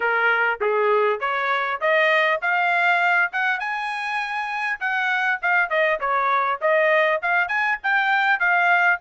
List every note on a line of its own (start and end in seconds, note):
0.00 0.59 A#4
0.60 1.19 G#4
1.19 1.79 C#5
1.80 2.40 D#5
2.41 3.31 F5
3.32 3.59 F#5
3.59 4.79 G#5
4.79 5.39 F#5
5.42 5.69 F5
5.69 5.99 D#5
5.99 6.59 C#5
6.61 7.21 D#5
7.22 7.48 F5
7.48 7.78 G#5
7.83 8.39 G5
8.39 8.99 F5